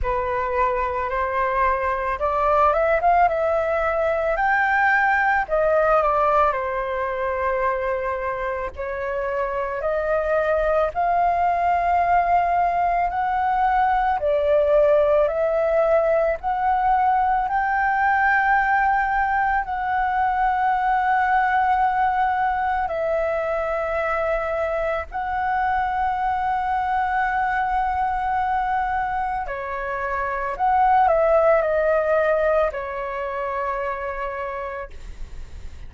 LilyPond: \new Staff \with { instrumentName = "flute" } { \time 4/4 \tempo 4 = 55 b'4 c''4 d''8 e''16 f''16 e''4 | g''4 dis''8 d''8 c''2 | cis''4 dis''4 f''2 | fis''4 d''4 e''4 fis''4 |
g''2 fis''2~ | fis''4 e''2 fis''4~ | fis''2. cis''4 | fis''8 e''8 dis''4 cis''2 | }